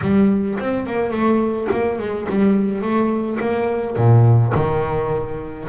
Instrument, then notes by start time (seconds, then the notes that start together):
double bass
0.01 G3
0.59 C4
0.86 A#3
1.11 A3
1.71 A#3
1.99 G#3
2.29 G3
2.81 A3
3.40 A#3
3.96 A#2
4.54 D#3